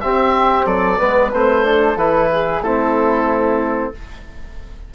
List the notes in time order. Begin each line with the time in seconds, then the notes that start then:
0.00 C4 G4 E5
0.66 F#3 A4 D5
0.98 G#3 B3 B4
1.32 A3 C4 C5
1.63 D4 A4
1.95 E3 E4 B4
2.32 G#4
2.60 A3 C4 E4 A4